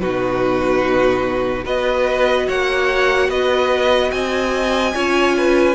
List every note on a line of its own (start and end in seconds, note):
0.00 1.66 B2
0.00 1.64 D#4
0.00 1.64 F#4
0.00 1.64 B4
1.64 2.48 B3
1.64 4.92 F#4
1.64 2.47 B4
1.64 2.49 D#5
2.47 3.29 A#3
2.47 3.29 C#5
2.47 3.30 F#5
3.29 4.11 B3
3.29 4.11 B4
3.29 4.11 D#5
4.11 4.94 C4
4.11 4.95 D#5
4.11 5.75 G#5
4.94 5.75 C#4
4.94 5.75 F4
4.94 5.36 C#5
5.37 5.75 B4